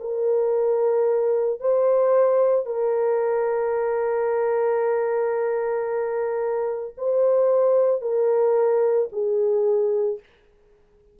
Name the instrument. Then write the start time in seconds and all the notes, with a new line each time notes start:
horn
0.00 A#4
1.60 C5
2.66 A#4
6.97 C5
8.01 A#4
9.12 G#4